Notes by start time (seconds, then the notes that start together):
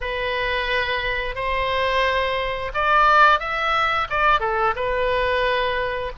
0.01 B4
1.35 C5
2.74 D5
3.39 E5
4.09 D5
4.40 A4
4.75 B4